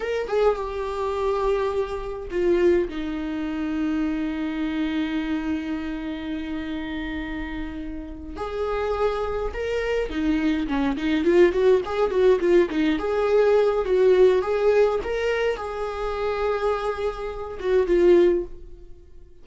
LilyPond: \new Staff \with { instrumentName = "viola" } { \time 4/4 \tempo 4 = 104 ais'8 gis'8 g'2. | f'4 dis'2.~ | dis'1~ | dis'2~ dis'8 gis'4.~ |
gis'8 ais'4 dis'4 cis'8 dis'8 f'8 | fis'8 gis'8 fis'8 f'8 dis'8 gis'4. | fis'4 gis'4 ais'4 gis'4~ | gis'2~ gis'8 fis'8 f'4 | }